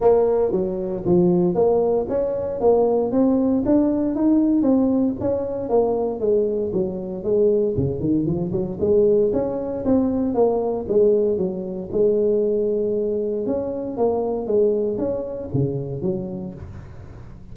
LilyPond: \new Staff \with { instrumentName = "tuba" } { \time 4/4 \tempo 4 = 116 ais4 fis4 f4 ais4 | cis'4 ais4 c'4 d'4 | dis'4 c'4 cis'4 ais4 | gis4 fis4 gis4 cis8 dis8 |
f8 fis8 gis4 cis'4 c'4 | ais4 gis4 fis4 gis4~ | gis2 cis'4 ais4 | gis4 cis'4 cis4 fis4 | }